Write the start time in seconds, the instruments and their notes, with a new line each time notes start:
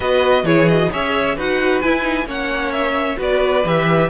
0.00 cello B3, viola F#4, violin B4 D#5
0.43 cello E3, viola E4, violin G#4 C#5
0.68 viola F#4, violin D#5
0.91 cello C#4, viola G#4, violin C#5 E5
1.35 cello D#4, viola F#4, violin B4 F#5
1.81 cello E4, viola E4, violin G#5
2.01 viola D#4
2.25 cello A#3, viola C#4, violin C#5 F#5
2.72 violin E5
3.16 cello B3, viola F#4, violin B4 D5
3.64 cello E3, viola G4, violin E5